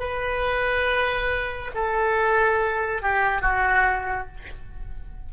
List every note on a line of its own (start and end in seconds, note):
0.00 1.71 B4
1.75 3.02 A4
3.02 3.42 G4
3.42 4.28 F#4